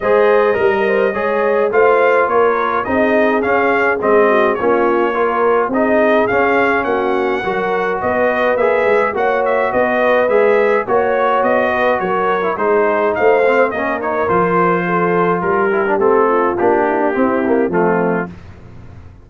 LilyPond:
<<
  \new Staff \with { instrumentName = "trumpet" } { \time 4/4 \tempo 4 = 105 dis''2. f''4 | cis''4 dis''4 f''4 dis''4 | cis''2 dis''4 f''4 | fis''2 dis''4 e''4 |
fis''8 e''8 dis''4 e''4 cis''4 | dis''4 cis''4 c''4 f''4 | dis''8 cis''8 c''2 ais'4 | a'4 g'2 f'4 | }
  \new Staff \with { instrumentName = "horn" } { \time 4/4 c''4 ais'8 c''8 cis''4 c''4 | ais'4 gis'2~ gis'8 fis'8 | f'4 ais'4 gis'2 | fis'4 ais'4 b'2 |
cis''4 b'2 cis''4~ | cis''8 b'8 ais'4 gis'4 c''4 | ais'2 a'4 g'4~ | g'8 f'4 e'16 d'16 e'4 c'4 | }
  \new Staff \with { instrumentName = "trombone" } { \time 4/4 gis'4 ais'4 gis'4 f'4~ | f'4 dis'4 cis'4 c'4 | cis'4 f'4 dis'4 cis'4~ | cis'4 fis'2 gis'4 |
fis'2 gis'4 fis'4~ | fis'4.~ fis'16 e'16 dis'4. c'8 | cis'8 dis'8 f'2~ f'8 e'16 d'16 | c'4 d'4 c'8 ais8 a4 | }
  \new Staff \with { instrumentName = "tuba" } { \time 4/4 gis4 g4 gis4 a4 | ais4 c'4 cis'4 gis4 | ais2 c'4 cis'4 | ais4 fis4 b4 ais8 gis8 |
ais4 b4 gis4 ais4 | b4 fis4 gis4 a4 | ais4 f2 g4 | a4 ais4 c'4 f4 | }
>>